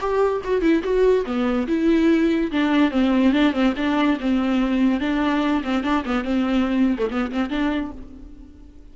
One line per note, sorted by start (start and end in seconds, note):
0.00 0.42 G4
0.44 0.61 F#4
0.61 0.82 E4
0.83 1.25 F#4
1.25 1.67 B3
1.67 2.51 E4
2.51 2.91 D4
2.91 3.32 C4
3.32 3.52 D4
3.52 3.73 C4
3.76 4.18 D4
4.20 5.00 C4
5.00 5.62 D4
5.64 5.83 C4
5.83 6.04 D4
6.05 6.24 B3
6.24 6.97 C4
6.98 7.09 A3
7.10 7.31 B3
7.31 7.50 C4
7.50 7.91 D4